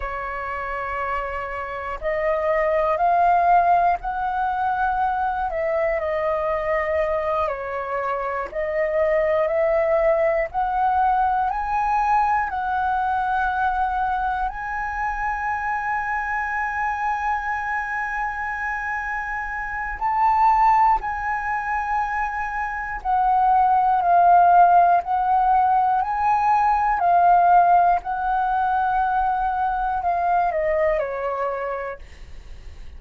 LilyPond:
\new Staff \with { instrumentName = "flute" } { \time 4/4 \tempo 4 = 60 cis''2 dis''4 f''4 | fis''4. e''8 dis''4. cis''8~ | cis''8 dis''4 e''4 fis''4 gis''8~ | gis''8 fis''2 gis''4.~ |
gis''1 | a''4 gis''2 fis''4 | f''4 fis''4 gis''4 f''4 | fis''2 f''8 dis''8 cis''4 | }